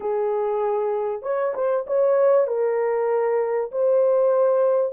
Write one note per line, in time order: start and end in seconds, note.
0.00 1.22 G#4
1.22 1.53 C#5
1.54 1.85 C5
1.86 2.47 C#5
2.47 3.71 A#4
3.71 4.92 C5